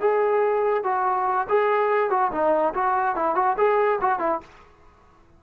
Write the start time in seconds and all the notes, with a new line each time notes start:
0.00 G#4
0.84 F#4
1.49 G#4
2.10 F#4
2.31 D#4
2.74 F#4
3.15 E4
3.35 F#4
3.57 G#4
4.01 F#4
4.19 E4